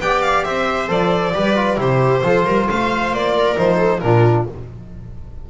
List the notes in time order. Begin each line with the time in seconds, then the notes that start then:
0.00 B3 G4 D5 G5
0.22 F5
0.44 C4 C5 E5
0.88 F3 A4 D5
1.34 G3 G4 B4
1.56 F4
1.77 C3 E4 G4 C5
2.22 F3 F4 A4
2.46 G3 A#4
2.69 A3 C5 F5
3.11 A#3 D5
3.35 A#4
3.57 F3 D#4 C5
3.77 A4
4.00 A#2 D4 F4 A#4